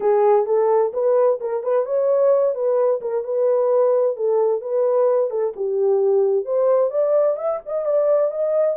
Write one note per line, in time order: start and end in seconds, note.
0.00 0.46 G#4
0.46 0.92 A4
0.93 1.39 B4
1.40 1.63 A#4
1.63 1.85 B4
1.85 2.54 C#5
2.54 3.00 B4
3.01 3.24 A#4
3.24 4.16 B4
4.16 4.61 A4
4.61 5.30 B4
5.30 5.53 A4
5.56 6.45 G4
6.45 6.90 C5
6.90 7.36 D5
7.36 7.59 E5
7.65 7.85 D#5
7.85 8.31 D5
8.31 8.76 D#5